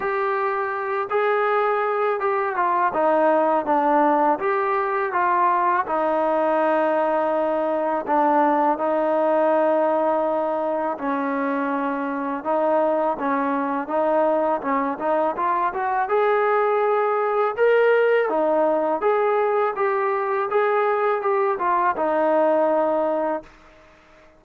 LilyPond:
\new Staff \with { instrumentName = "trombone" } { \time 4/4 \tempo 4 = 82 g'4. gis'4. g'8 f'8 | dis'4 d'4 g'4 f'4 | dis'2. d'4 | dis'2. cis'4~ |
cis'4 dis'4 cis'4 dis'4 | cis'8 dis'8 f'8 fis'8 gis'2 | ais'4 dis'4 gis'4 g'4 | gis'4 g'8 f'8 dis'2 | }